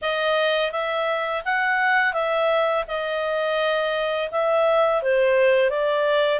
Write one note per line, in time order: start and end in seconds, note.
0.01 0.71 D#5
0.71 1.43 E5
1.44 2.13 F#5
2.13 2.84 E5
2.87 4.30 D#5
4.31 5.02 E5
5.02 5.70 C5
5.70 6.39 D5